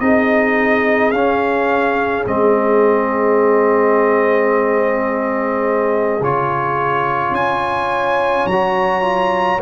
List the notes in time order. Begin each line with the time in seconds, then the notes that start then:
0.00 C4 D#4 G#4 D#5
1.11 C#4 F5
2.24 G#3 C4 D#5
6.20 C#3 F4 C#5
7.31 C#4 C#5 G#5
8.46 F#3 F#4 A#5
9.02 F4